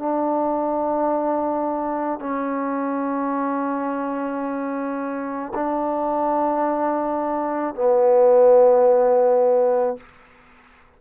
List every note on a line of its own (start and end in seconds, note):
0.00 2.20 D4
2.20 5.54 C#4
5.55 7.75 D4
7.75 9.97 B3